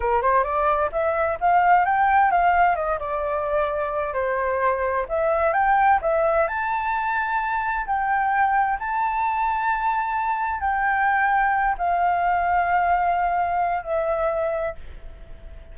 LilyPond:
\new Staff \with { instrumentName = "flute" } { \time 4/4 \tempo 4 = 130 ais'8 c''8 d''4 e''4 f''4 | g''4 f''4 dis''8 d''4.~ | d''4 c''2 e''4 | g''4 e''4 a''2~ |
a''4 g''2 a''4~ | a''2. g''4~ | g''4. f''2~ f''8~ | f''2 e''2 | }